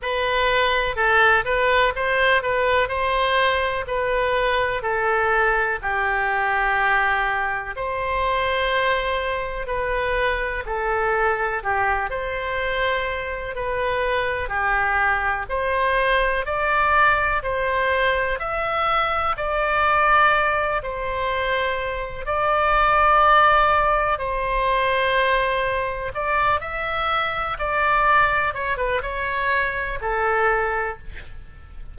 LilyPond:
\new Staff \with { instrumentName = "oboe" } { \time 4/4 \tempo 4 = 62 b'4 a'8 b'8 c''8 b'8 c''4 | b'4 a'4 g'2 | c''2 b'4 a'4 | g'8 c''4. b'4 g'4 |
c''4 d''4 c''4 e''4 | d''4. c''4. d''4~ | d''4 c''2 d''8 e''8~ | e''8 d''4 cis''16 b'16 cis''4 a'4 | }